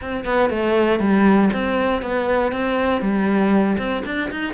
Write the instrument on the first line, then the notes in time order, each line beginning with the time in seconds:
cello
0.01 C4
0.25 B3
0.50 A3
0.99 G3
1.53 C4
2.01 B3
2.52 C4
3.01 G3
3.77 C4
4.05 D4
4.30 D#4